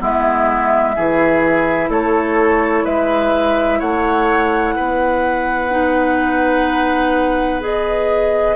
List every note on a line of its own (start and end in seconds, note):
0.00 0.97 G#3
0.00 0.95 B3
0.00 0.96 E4
0.00 1.92 E5
0.96 1.90 E3
0.96 5.71 E4
0.96 1.90 G#4
1.90 2.85 A3
1.90 2.85 A4
1.90 2.86 C#5
2.85 3.81 G#3
2.85 3.79 B4
2.85 3.81 E5
3.79 4.76 A3
3.79 4.75 C#5
3.79 7.62 F#5
4.76 8.57 B3
4.76 8.57 B4
5.71 7.61 D#4
7.61 8.56 G#4
7.61 8.57 D#5